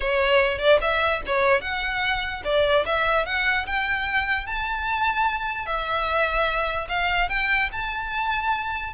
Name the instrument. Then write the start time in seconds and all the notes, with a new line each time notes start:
violin
0.00 C#5
0.58 D5
0.81 E5
1.26 C#5
1.61 F#5
2.44 D5
2.85 E5
3.25 F#5
3.66 G5
4.46 A5
5.66 E5
6.88 F5
7.29 G5
7.72 A5